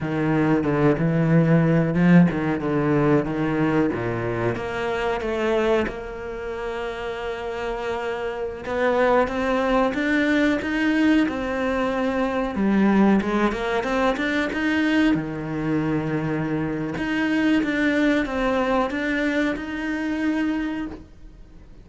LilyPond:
\new Staff \with { instrumentName = "cello" } { \time 4/4 \tempo 4 = 92 dis4 d8 e4. f8 dis8 | d4 dis4 ais,4 ais4 | a4 ais2.~ | ais4~ ais16 b4 c'4 d'8.~ |
d'16 dis'4 c'2 g8.~ | g16 gis8 ais8 c'8 d'8 dis'4 dis8.~ | dis2 dis'4 d'4 | c'4 d'4 dis'2 | }